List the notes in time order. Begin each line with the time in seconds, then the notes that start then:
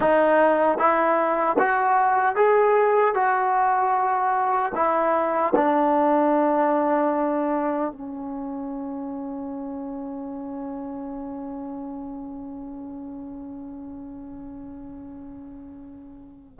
0.00 D#4
0.78 E4
1.58 F#4
2.35 G#4
3.14 F#4
4.74 E4
5.55 D4
7.92 C#4